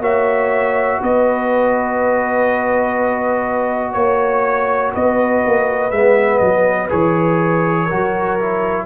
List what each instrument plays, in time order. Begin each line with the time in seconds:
0.00 tuba A#3, trombone F#4, horn C#5, trumpet E5
1.00 tuba B3, horn B4, trumpet D#5
3.93 tuba A#3, trumpet C#5, horn C#5
4.93 tuba B3, horn B4, trumpet D#5
5.45 tuba A#3
5.91 tuba G#3, trombone B3, trumpet E5
6.38 tuba F#3, trumpet D#5
6.89 tuba E3, trombone G#4, trumpet C#5
7.85 tuba F#3, trombone F#4, horn A#4
8.40 trombone E4